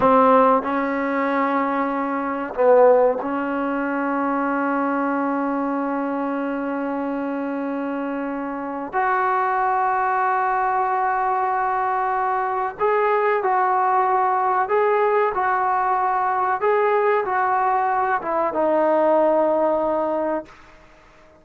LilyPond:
\new Staff \with { instrumentName = "trombone" } { \time 4/4 \tempo 4 = 94 c'4 cis'2. | b4 cis'2.~ | cis'1~ | cis'2 fis'2~ |
fis'1 | gis'4 fis'2 gis'4 | fis'2 gis'4 fis'4~ | fis'8 e'8 dis'2. | }